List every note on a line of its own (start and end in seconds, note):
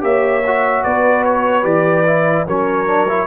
0.00 0.83 A#3
0.00 0.41 G4
0.00 0.84 C#5
0.00 0.83 E5
0.46 1.62 F#4
0.83 1.63 B3
0.83 2.46 B4
0.83 1.23 D5
1.24 1.64 C#5
1.62 2.44 E3
1.62 2.03 G4
1.62 2.45 D5
2.06 2.46 E4
2.46 3.27 F#3
2.46 2.86 C#4
2.46 3.27 A#4
2.46 3.27 C#5
2.86 3.07 D4
3.08 3.27 E4